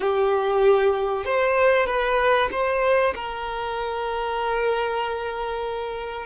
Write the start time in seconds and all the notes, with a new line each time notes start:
0.00 G4
1.25 C5
1.86 B4
2.51 C5
3.15 A#4